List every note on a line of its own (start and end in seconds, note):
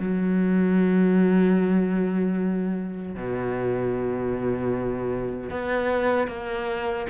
0.00 3.16 F#3
3.16 5.51 B2
5.51 6.28 B3
6.28 7.07 A#3